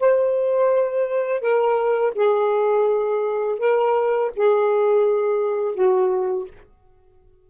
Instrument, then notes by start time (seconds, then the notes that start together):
saxophone
0.00 C5
1.41 A#4
2.15 G#4
3.59 A#4
4.36 G#4
5.75 F#4